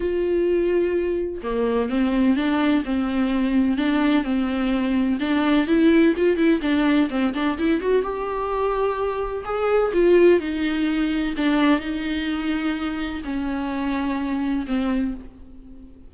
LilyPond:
\new Staff \with { instrumentName = "viola" } { \time 4/4 \tempo 4 = 127 f'2. ais4 | c'4 d'4 c'2 | d'4 c'2 d'4 | e'4 f'8 e'8 d'4 c'8 d'8 |
e'8 fis'8 g'2. | gis'4 f'4 dis'2 | d'4 dis'2. | cis'2. c'4 | }